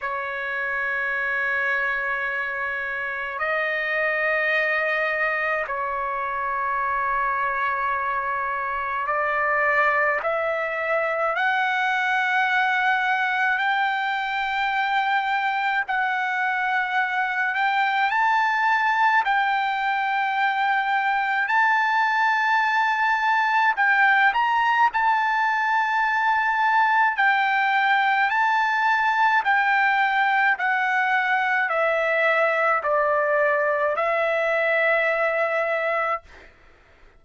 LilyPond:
\new Staff \with { instrumentName = "trumpet" } { \time 4/4 \tempo 4 = 53 cis''2. dis''4~ | dis''4 cis''2. | d''4 e''4 fis''2 | g''2 fis''4. g''8 |
a''4 g''2 a''4~ | a''4 g''8 ais''8 a''2 | g''4 a''4 g''4 fis''4 | e''4 d''4 e''2 | }